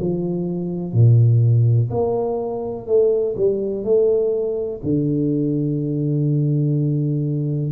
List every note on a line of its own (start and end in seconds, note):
0.00 0.93 F3
0.93 1.90 A#2
1.90 2.87 A#3
2.87 3.36 A3
3.37 3.84 G3
3.84 4.81 A3
4.83 7.72 D3